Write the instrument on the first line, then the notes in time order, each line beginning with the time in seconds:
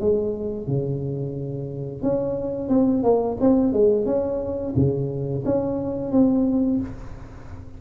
tuba
0.00 G#3
0.67 C#3
2.02 C#4
2.69 C4
3.03 A#3
3.40 C4
3.73 G#3
4.06 C#4
4.76 C#3
5.45 C#4
6.12 C4